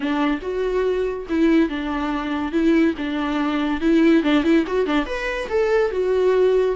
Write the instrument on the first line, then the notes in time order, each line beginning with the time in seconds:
viola
0.00 D4
0.41 F#4
1.29 E4
1.69 D4
2.52 E4
2.97 D4
3.80 E4
4.23 D4
4.43 E4
4.67 F#4
4.86 D4
5.06 B4
5.49 A4
5.91 F#4